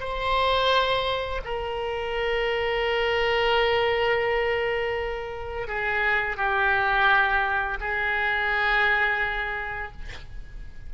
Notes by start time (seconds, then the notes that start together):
0.00 C5
1.45 A#4
5.68 G#4
6.37 G4
7.81 G#4